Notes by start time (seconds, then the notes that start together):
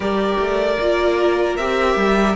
0.00 G3 G4 A#4 D5
0.38 A3
0.79 A#3 F4
1.56 C4 G4 E5
1.96 G3